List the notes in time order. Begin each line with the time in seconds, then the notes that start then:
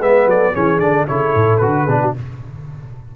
0.00 G#3 B3 B4 E5
0.26 F#3 A4 D5
0.53 E3 C#4 G#4 C#5
0.79 D3 D4 D5
1.08 C#3 E4 A4 C#5
1.35 A2
1.58 D3 F#4 B4
1.84 B2 D4 G#4
2.01 F#4